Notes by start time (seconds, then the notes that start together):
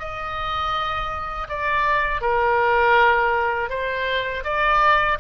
0.00 D#5
1.49 D5
2.22 A#4
3.70 C5
4.44 D5